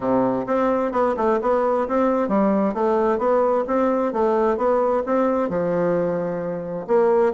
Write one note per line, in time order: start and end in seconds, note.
0.00 0.45 C3
0.46 0.92 C4
0.92 1.15 B3
1.16 1.39 A3
1.41 1.87 B3
1.88 2.28 C4
2.28 2.74 G3
2.74 3.18 A3
3.18 3.64 B3
3.67 4.12 C4
4.12 4.57 A3
4.57 5.03 B3
5.06 5.49 C4
5.49 6.86 F3
6.87 7.33 A#3